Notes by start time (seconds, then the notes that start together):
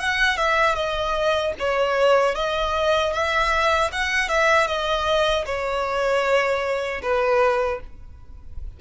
0.00 F#5
0.37 E5
0.75 D#5
1.59 C#5
2.36 D#5
3.13 E5
3.92 F#5
4.29 E5
4.68 D#5
5.46 C#5
7.02 B4